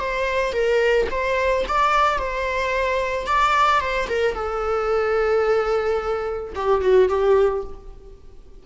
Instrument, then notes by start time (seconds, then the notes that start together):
viola
0.00 C5
0.53 A#4
1.11 C5
1.68 D5
2.19 C5
3.27 D5
3.81 C5
4.09 A#4
4.35 A4
6.56 G4
6.82 F#4
7.09 G4